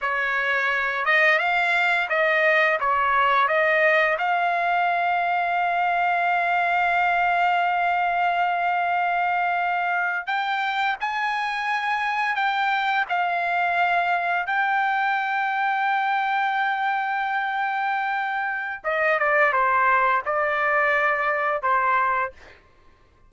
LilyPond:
\new Staff \with { instrumentName = "trumpet" } { \time 4/4 \tempo 4 = 86 cis''4. dis''8 f''4 dis''4 | cis''4 dis''4 f''2~ | f''1~ | f''2~ f''8. g''4 gis''16~ |
gis''4.~ gis''16 g''4 f''4~ f''16~ | f''8. g''2.~ g''16~ | g''2. dis''8 d''8 | c''4 d''2 c''4 | }